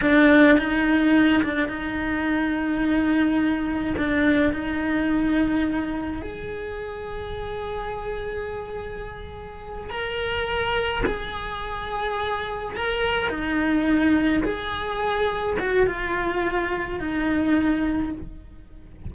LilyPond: \new Staff \with { instrumentName = "cello" } { \time 4/4 \tempo 4 = 106 d'4 dis'4. d'8 dis'4~ | dis'2. d'4 | dis'2. gis'4~ | gis'1~ |
gis'4. ais'2 gis'8~ | gis'2~ gis'8 ais'4 dis'8~ | dis'4. gis'2 fis'8 | f'2 dis'2 | }